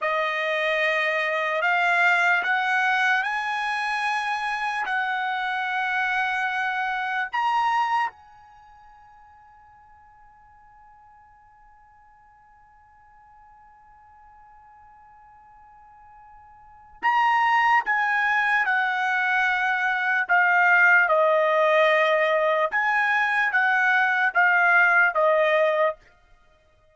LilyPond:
\new Staff \with { instrumentName = "trumpet" } { \time 4/4 \tempo 4 = 74 dis''2 f''4 fis''4 | gis''2 fis''2~ | fis''4 ais''4 gis''2~ | gis''1~ |
gis''1~ | gis''4 ais''4 gis''4 fis''4~ | fis''4 f''4 dis''2 | gis''4 fis''4 f''4 dis''4 | }